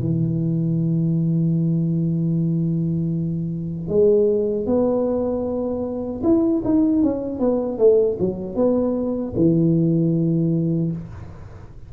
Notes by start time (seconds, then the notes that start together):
0.00 E3
3.89 G#3
4.66 B3
6.23 E4
6.64 D#4
7.03 C#4
7.40 B3
7.78 A3
8.20 F#3
8.55 B3
9.36 E3